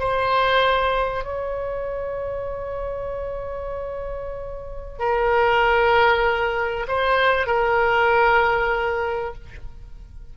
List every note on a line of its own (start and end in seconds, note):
0.00 1.24 C5
1.24 4.99 C#5
4.99 6.87 A#4
6.88 7.47 C5
7.47 9.35 A#4